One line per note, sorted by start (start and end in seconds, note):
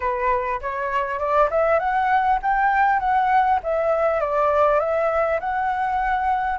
0.00 0.60 B4
0.61 1.19 C#5
1.19 1.49 D5
1.50 1.79 E5
1.79 2.39 F#5
2.42 2.99 G5
2.99 3.59 F#5
3.63 4.20 E5
4.20 4.79 D5
4.79 5.39 E5
5.39 6.58 F#5